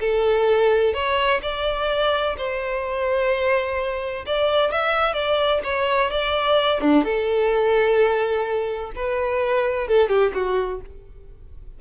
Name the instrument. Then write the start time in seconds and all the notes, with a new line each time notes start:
violin
0.00 A4
0.93 C#5
1.42 D5
2.37 C5
4.26 D5
4.71 E5
5.13 D5
5.63 C#5
6.10 D5
6.80 D4
7.04 A4
8.95 B4
9.87 A4
10.08 G4
10.33 F#4